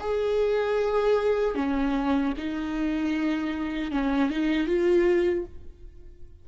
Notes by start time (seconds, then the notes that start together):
0.00 G#4
1.55 C#4
2.37 D#4
3.91 C#4
4.30 D#4
4.67 F4